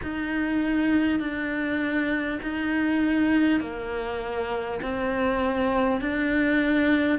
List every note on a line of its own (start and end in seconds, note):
0.02 1.19 D#4
1.19 2.39 D4
2.42 3.60 D#4
3.60 4.80 A#3
4.82 6.00 C4
6.00 7.18 D4